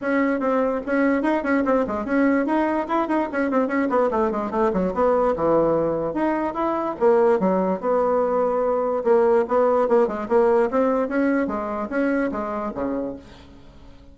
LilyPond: \new Staff \with { instrumentName = "bassoon" } { \time 4/4 \tempo 4 = 146 cis'4 c'4 cis'4 dis'8 cis'8 | c'8 gis8 cis'4 dis'4 e'8 dis'8 | cis'8 c'8 cis'8 b8 a8 gis8 a8 fis8 | b4 e2 dis'4 |
e'4 ais4 fis4 b4~ | b2 ais4 b4 | ais8 gis8 ais4 c'4 cis'4 | gis4 cis'4 gis4 cis4 | }